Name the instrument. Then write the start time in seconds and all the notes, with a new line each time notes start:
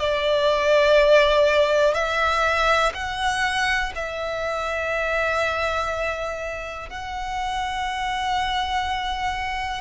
violin
0.00 D5
1.94 E5
2.94 F#5
3.95 E5
6.90 F#5